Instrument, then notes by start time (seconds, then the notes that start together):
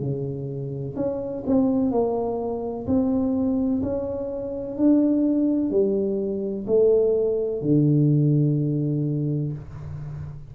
tuba
0.00 C#3
0.96 C#4
1.47 C4
1.91 A#3
2.87 C4
3.83 C#4
4.77 D4
5.71 G3
6.67 A3
7.62 D3